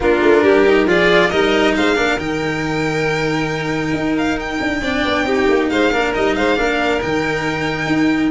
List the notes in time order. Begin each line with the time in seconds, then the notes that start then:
0.00 A#3 D4 F4 A#4
0.22 A3
0.42 G3 G4
0.65 D#4
0.85 F3 F4 G#4 D5
1.30 G3 D#4 A#4 D#5
1.76 G#3 C5 F5
1.95 A#3 D4 A#4
2.17 D#3 D#4 G5
3.93 D#4
4.17 F5
4.39 G5
4.60 D4
4.81 C4 D4 D5
5.04 B3
5.23 C4 D#4 G4
5.48 A#3
5.69 G#3 C5 F5
5.91 A#3 D4 A#4
6.13 G3 D#4 D#5
6.35 G#3 C5 F5
6.55 A#3 D4 A#4
7.01 D#3 D#4 G5
7.86 D#4